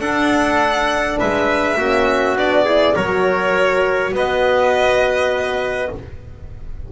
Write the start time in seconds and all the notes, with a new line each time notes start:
0.00 D4 A4 F#5
1.19 G#3 B4 E5
1.77 A#3 C#4 F#4
2.35 B3 D4 D5
2.64 E4 G#4
2.95 F#3 F#4 A#4 C#5
4.12 B3 B4 D#5